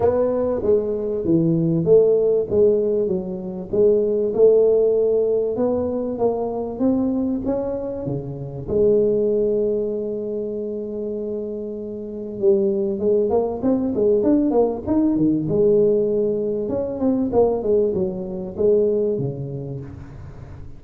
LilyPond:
\new Staff \with { instrumentName = "tuba" } { \time 4/4 \tempo 4 = 97 b4 gis4 e4 a4 | gis4 fis4 gis4 a4~ | a4 b4 ais4 c'4 | cis'4 cis4 gis2~ |
gis1 | g4 gis8 ais8 c'8 gis8 d'8 ais8 | dis'8 dis8 gis2 cis'8 c'8 | ais8 gis8 fis4 gis4 cis4 | }